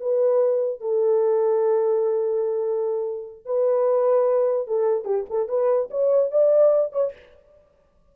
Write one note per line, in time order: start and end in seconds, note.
0.00 0.81 B4
0.81 3.45 A4
3.45 4.67 B4
4.67 5.04 A4
5.04 5.25 G4
5.29 5.48 A4
5.48 5.89 B4
5.90 6.31 C#5
6.31 6.92 D5
6.92 7.12 C#5